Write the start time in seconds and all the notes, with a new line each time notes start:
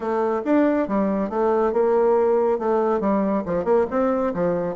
0.00 A3
0.45 D4
0.88 G3
1.29 A3
1.72 A#3
2.58 A3
3.00 G3
3.45 F3
3.64 A#3
3.90 C4
4.33 F3